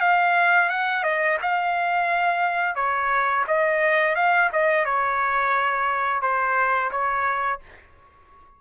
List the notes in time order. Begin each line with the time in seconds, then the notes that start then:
0.00 F5
0.69 F#5
1.03 D#5
1.42 F5
2.76 C#5
3.47 D#5
4.15 F5
4.53 D#5
4.85 C#5
6.22 C5
6.91 C#5